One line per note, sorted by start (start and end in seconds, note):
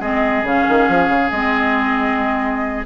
0.00 0.44 G#3
0.00 0.46 C4
0.00 2.86 G#4
0.00 0.46 D#5
0.44 0.66 C#3
0.44 1.33 C#4
0.44 1.31 F5
0.69 0.89 D#3
0.89 1.08 F3
1.08 1.30 C#3
1.31 2.86 G#3
1.31 2.86 C4
1.31 2.85 D#5